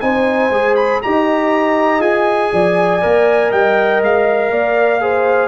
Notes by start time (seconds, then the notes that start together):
0.00 C4 D#4 C5 G#5
0.50 G#3 G#4
0.76 B5
1.02 D#4 G4 D#5 A#5
1.99 F4 G#4 G#5
2.52 F3 D5
3.01 A#3 A#4
3.51 G3 D#5 G5
4.01 G#3 F5
4.50 A#3 D5
5.00 G#4 C5